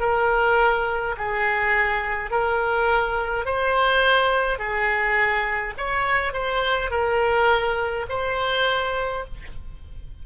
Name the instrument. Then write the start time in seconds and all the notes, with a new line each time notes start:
oboe
0.00 A#4
1.17 G#4
2.30 A#4
3.46 C5
4.58 G#4
5.77 C#5
6.33 C5
6.91 A#4
8.09 C5